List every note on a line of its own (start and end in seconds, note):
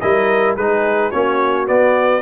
0.00 0.57 G3
0.00 0.58 E4
0.00 0.56 A#4
0.00 0.56 D#5
0.56 1.12 G#3
0.56 1.12 D#4
0.56 1.10 G#4
0.56 1.11 B4
1.10 1.68 A#3
1.10 1.66 C#4
1.10 2.21 F#4
1.10 1.67 C#5
1.66 2.22 B3
1.66 2.22 D5